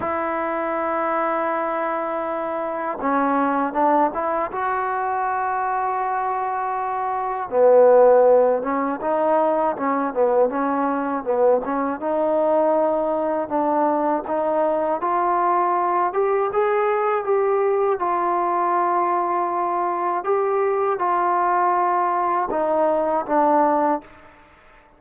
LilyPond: \new Staff \with { instrumentName = "trombone" } { \time 4/4 \tempo 4 = 80 e'1 | cis'4 d'8 e'8 fis'2~ | fis'2 b4. cis'8 | dis'4 cis'8 b8 cis'4 b8 cis'8 |
dis'2 d'4 dis'4 | f'4. g'8 gis'4 g'4 | f'2. g'4 | f'2 dis'4 d'4 | }